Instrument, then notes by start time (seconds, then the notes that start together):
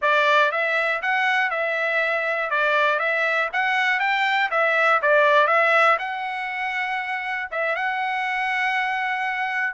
trumpet
0.01 D5
0.51 E5
1.01 F#5
1.50 E5
2.50 D5
2.99 E5
3.52 F#5
3.99 G5
4.50 E5
5.02 D5
5.47 E5
5.99 F#5
7.51 E5
7.75 F#5